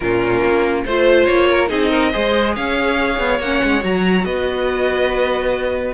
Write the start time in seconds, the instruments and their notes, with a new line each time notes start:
0.00 cello A#2, viola C#4, violin F4 A#4
0.41 cello A#3
0.85 cello A3, viola F4, violin C5
1.25 cello A#3, violin C#5
1.49 violin A#4
1.68 cello C4, viola D#4, violin G#4 D#5
1.90 violin A#4
2.12 cello G#3, viola G#4, violin C5
2.55 cello C#4, violin C#5 F5
3.19 cello B3
3.39 cello A#3, viola C#4, violin F#5
3.63 cello G#3
3.80 cello F#3, viola F#4, violin A#5
4.25 cello B3, violin B4 D#5